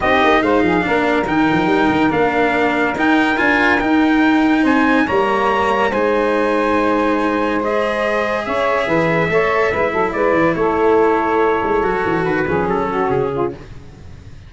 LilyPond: <<
  \new Staff \with { instrumentName = "trumpet" } { \time 4/4 \tempo 4 = 142 dis''4 f''2 g''4~ | g''4 f''2 g''4 | gis''4 g''2 gis''4 | ais''2 gis''2~ |
gis''2 dis''2 | e''1 | d''4 cis''2.~ | cis''4 b'4 a'4 gis'4 | }
  \new Staff \with { instrumentName = "saxophone" } { \time 4/4 g'4 c''8 gis'8 ais'2~ | ais'1~ | ais'2. c''4 | cis''2 c''2~ |
c''1 | cis''4 b'4 cis''4 b'8 a'8 | b'4 a'2.~ | a'4. gis'4 fis'4 f'8 | }
  \new Staff \with { instrumentName = "cello" } { \time 4/4 dis'2 d'4 dis'4~ | dis'4 d'2 dis'4 | f'4 dis'2. | ais2 dis'2~ |
dis'2 gis'2~ | gis'2 a'4 e'4~ | e'1 | fis'4. cis'2~ cis'8 | }
  \new Staff \with { instrumentName = "tuba" } { \time 4/4 c'8 ais8 gis8 f8 ais4 dis8 f8 | g8 dis8 ais2 dis'4 | d'4 dis'2 c'4 | g2 gis2~ |
gis1 | cis'4 e4 a4 gis8 fis8 | gis8 e8 a2~ a8 gis8 | fis8 e8 dis8 f8 fis4 cis4 | }
>>